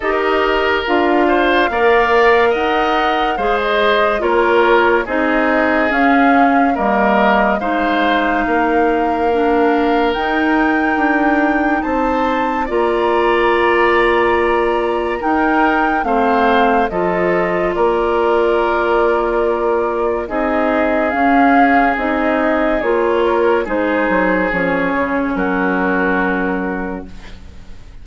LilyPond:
<<
  \new Staff \with { instrumentName = "flute" } { \time 4/4 \tempo 4 = 71 dis''4 f''2 fis''4 | f''16 dis''8. cis''4 dis''4 f''4 | dis''4 f''2. | g''2 a''4 ais''4~ |
ais''2 g''4 f''4 | dis''4 d''2. | dis''4 f''4 dis''4 cis''4 | c''4 cis''4 ais'2 | }
  \new Staff \with { instrumentName = "oboe" } { \time 4/4 ais'4. c''8 d''4 dis''4 | c''4 ais'4 gis'2 | ais'4 c''4 ais'2~ | ais'2 c''4 d''4~ |
d''2 ais'4 c''4 | a'4 ais'2. | gis'2.~ gis'8 ais'8 | gis'2 fis'2 | }
  \new Staff \with { instrumentName = "clarinet" } { \time 4/4 g'4 f'4 ais'2 | gis'4 f'4 dis'4 cis'4 | ais4 dis'2 d'4 | dis'2. f'4~ |
f'2 dis'4 c'4 | f'1 | dis'4 cis'4 dis'4 f'4 | dis'4 cis'2. | }
  \new Staff \with { instrumentName = "bassoon" } { \time 4/4 dis'4 d'4 ais4 dis'4 | gis4 ais4 c'4 cis'4 | g4 gis4 ais2 | dis'4 d'4 c'4 ais4~ |
ais2 dis'4 a4 | f4 ais2. | c'4 cis'4 c'4 ais4 | gis8 fis8 f8 cis8 fis2 | }
>>